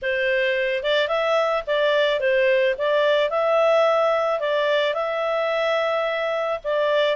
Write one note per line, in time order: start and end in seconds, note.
0.02 0.83 C5
0.83 1.08 D5
1.08 1.63 E5
1.66 2.20 D5
2.20 2.75 C5
2.78 3.30 D5
3.30 4.40 E5
4.40 4.93 D5
4.93 6.59 E5
6.64 7.16 D5